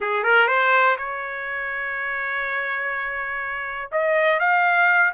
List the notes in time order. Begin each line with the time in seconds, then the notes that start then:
0.00 G#4
0.23 A#4
0.47 C5
0.97 C#5
3.91 D#5
4.39 F5